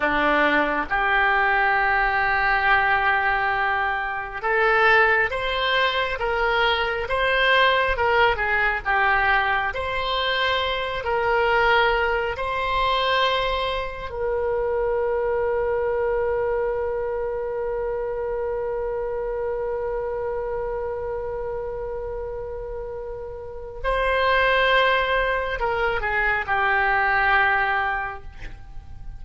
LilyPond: \new Staff \with { instrumentName = "oboe" } { \time 4/4 \tempo 4 = 68 d'4 g'2.~ | g'4 a'4 c''4 ais'4 | c''4 ais'8 gis'8 g'4 c''4~ | c''8 ais'4. c''2 |
ais'1~ | ais'1~ | ais'2. c''4~ | c''4 ais'8 gis'8 g'2 | }